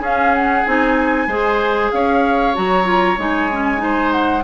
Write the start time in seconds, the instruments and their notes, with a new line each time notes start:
0.00 bassoon C#4, clarinet C#4, oboe G#4, flute F5
0.34 flute F#5
0.65 bassoon C4, clarinet D#4, flute G#5
1.27 bassoon G#3, clarinet G#4, oboe C5
1.92 bassoon C#4, oboe C#5, flute F5
2.54 bassoon F#3, clarinet F#4, flute A#5
2.84 clarinet F4
3.18 bassoon G#3, clarinet D#4, flute G#5
3.51 clarinet C#4
3.78 clarinet D#4, oboe C5
4.11 flute F#5